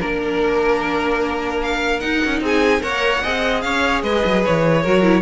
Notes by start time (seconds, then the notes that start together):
0.00 A#3 D4 A#4
1.62 F5
2.00 D#4 F#5
2.25 C#4
2.40 C4 G#4 G#5
2.80 A#3 A#4 C#5 F#5
3.23 C4 G#4 D#5
3.61 C#4 C#5 F5
4.02 G#3 B4 D#5
4.25 F#3
4.45 E3 C#5
4.82 F#3 F#4 A#4
5.03 E4